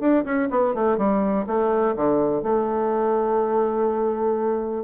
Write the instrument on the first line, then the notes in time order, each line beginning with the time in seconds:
bassoon
0.00 D4
0.24 C#4
0.50 B3
0.74 A3
0.97 G3
1.46 A3
1.96 D3
2.43 A3